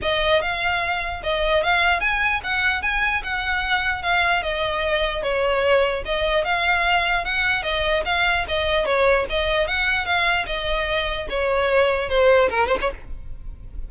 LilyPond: \new Staff \with { instrumentName = "violin" } { \time 4/4 \tempo 4 = 149 dis''4 f''2 dis''4 | f''4 gis''4 fis''4 gis''4 | fis''2 f''4 dis''4~ | dis''4 cis''2 dis''4 |
f''2 fis''4 dis''4 | f''4 dis''4 cis''4 dis''4 | fis''4 f''4 dis''2 | cis''2 c''4 ais'8 c''16 cis''16 | }